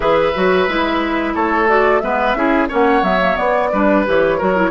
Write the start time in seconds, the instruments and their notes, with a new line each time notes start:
0.00 bassoon E3, clarinet G#4, oboe B4, flute E5
0.35 bassoon F#3, clarinet F#4
0.67 bassoon G#3, clarinet E4
1.34 bassoon A3, oboe A4, flute C#5
1.67 clarinet F#4, flute D5
1.99 bassoon G#3, clarinet B3, oboe B4, flute E5
2.34 bassoon C#4, clarinet E4, oboe G#4
2.68 bassoon A#3, clarinet C#4, oboe C#5, flute F#5
3.02 bassoon F#3, clarinet B3, flute E5
3.20 clarinet A#3
3.35 clarinet B3, bassoon B3, flute D5
3.72 bassoon G3, clarinet D4, oboe B4
4.06 bassoon E3, clarinet G4, flute C#5
4.38 bassoon F#3, clarinet F#4, oboe A#4
4.56 clarinet E4